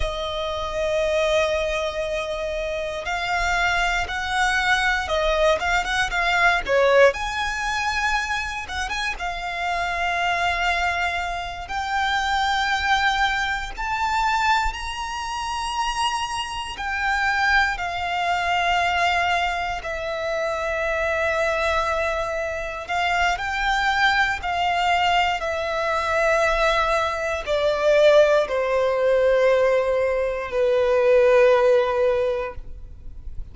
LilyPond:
\new Staff \with { instrumentName = "violin" } { \time 4/4 \tempo 4 = 59 dis''2. f''4 | fis''4 dis''8 f''16 fis''16 f''8 cis''8 gis''4~ | gis''8 fis''16 gis''16 f''2~ f''8 g''8~ | g''4. a''4 ais''4.~ |
ais''8 g''4 f''2 e''8~ | e''2~ e''8 f''8 g''4 | f''4 e''2 d''4 | c''2 b'2 | }